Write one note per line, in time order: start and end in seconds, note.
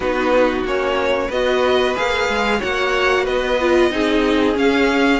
0.00 0.63 B3
0.00 0.66 D#4
0.00 1.27 F#4
0.00 0.64 B4
0.64 1.29 A#3
0.64 1.31 C#4
0.64 1.31 C#5
1.27 1.95 B3
1.27 1.95 F#4
1.27 2.57 B4
1.27 1.96 D#5
1.95 2.28 A#3
1.95 2.58 G#4
1.95 2.61 F5
2.28 2.61 G#3
2.58 3.27 A#3
2.58 3.56 F#4
2.58 3.24 C#5
2.58 3.26 F#5
3.24 3.92 B3
3.24 3.89 B4
3.24 4.56 D#5
3.60 3.90 F4
3.90 4.56 C4
3.90 4.53 D#4
3.90 5.19 G#4
4.53 5.18 C#4
4.53 5.19 C#4
4.53 5.19 F5